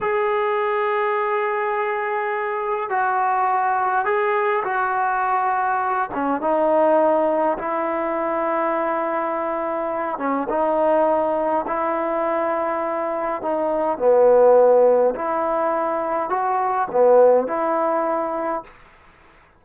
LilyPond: \new Staff \with { instrumentName = "trombone" } { \time 4/4 \tempo 4 = 103 gis'1~ | gis'4 fis'2 gis'4 | fis'2~ fis'8 cis'8 dis'4~ | dis'4 e'2.~ |
e'4. cis'8 dis'2 | e'2. dis'4 | b2 e'2 | fis'4 b4 e'2 | }